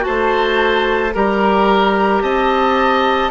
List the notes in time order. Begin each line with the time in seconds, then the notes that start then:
0.00 F#4 C5 A5
0.07 A3
1.14 G3 G4 A#4 A#5
2.22 C4 D#5 A5